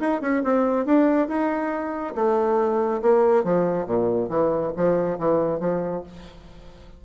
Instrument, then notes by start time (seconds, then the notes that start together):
bassoon
0.00 D#4
0.21 C#4
0.44 C4
0.86 D4
1.28 D#4
2.15 A3
3.02 A#3
3.44 F3
3.87 A#2
4.29 E3
4.77 F3
5.19 E3
5.60 F3